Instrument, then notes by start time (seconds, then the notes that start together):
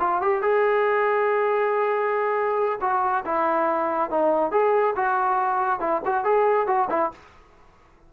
trombone
0.00 F4
0.22 G4
0.42 G#4
2.81 F#4
3.25 E4
4.11 D#4
4.52 G#4
4.96 F#4
5.80 E4
6.06 F#4
6.25 G#4
6.67 F#4
6.90 E4